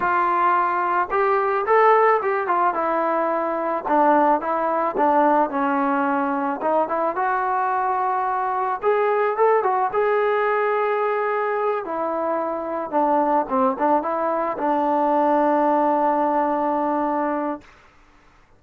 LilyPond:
\new Staff \with { instrumentName = "trombone" } { \time 4/4 \tempo 4 = 109 f'2 g'4 a'4 | g'8 f'8 e'2 d'4 | e'4 d'4 cis'2 | dis'8 e'8 fis'2. |
gis'4 a'8 fis'8 gis'2~ | gis'4. e'2 d'8~ | d'8 c'8 d'8 e'4 d'4.~ | d'1 | }